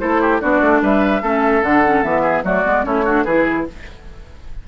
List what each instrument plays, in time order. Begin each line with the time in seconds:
0.00 bassoon A3, clarinet E4, oboe A4, flute C5
0.21 oboe G4
0.41 bassoon B3, clarinet D4, oboe F#4, flute D5
0.61 bassoon A3
0.82 bassoon G3, oboe B4, flute E5
1.22 bassoon A3, clarinet C#4, oboe A4
1.63 bassoon D3, clarinet D4, flute F#5
1.86 clarinet C#4
2.04 bassoon E3, clarinet B3, flute E5
2.23 oboe G#4
2.43 bassoon F#3, clarinet A3, oboe F#4, flute D5
2.65 bassoon G#3, clarinet B3
2.84 bassoon A3, clarinet C#4, oboe E4, flute C#5
3.05 clarinet D4, oboe F#4
3.24 bassoon E3, clarinet E4, oboe G#4, flute B4